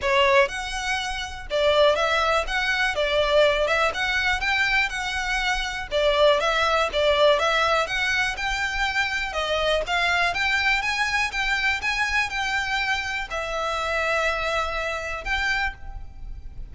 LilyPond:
\new Staff \with { instrumentName = "violin" } { \time 4/4 \tempo 4 = 122 cis''4 fis''2 d''4 | e''4 fis''4 d''4. e''8 | fis''4 g''4 fis''2 | d''4 e''4 d''4 e''4 |
fis''4 g''2 dis''4 | f''4 g''4 gis''4 g''4 | gis''4 g''2 e''4~ | e''2. g''4 | }